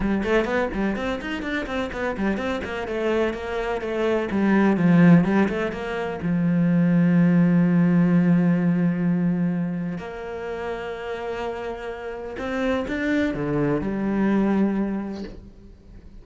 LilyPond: \new Staff \with { instrumentName = "cello" } { \time 4/4 \tempo 4 = 126 g8 a8 b8 g8 c'8 dis'8 d'8 c'8 | b8 g8 c'8 ais8 a4 ais4 | a4 g4 f4 g8 a8 | ais4 f2.~ |
f1~ | f4 ais2.~ | ais2 c'4 d'4 | d4 g2. | }